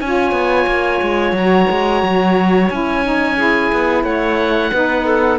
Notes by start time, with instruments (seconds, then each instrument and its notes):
0.00 cello C#4, saxophone F4, clarinet C#5, oboe G#5
0.32 cello B3
0.67 cello A#3
1.02 cello G#3
1.32 cello F#3, saxophone F#4, oboe A#5
1.70 cello G#3
2.02 cello F#3
2.70 cello C#4, saxophone E4, oboe G#5
3.04 saxophone D#4
3.36 saxophone E4, clarinet G#4
3.72 cello B3
4.03 cello A3, clarinet C#5, oboe F#5
4.72 cello B3, saxophone D#4, clarinet B4
5.05 clarinet A4